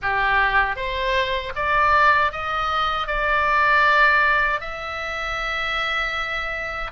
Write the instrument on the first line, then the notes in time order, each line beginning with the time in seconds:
oboe
0.02 G4
0.76 C5
1.55 D5
2.32 D#5
3.07 D5
4.60 E5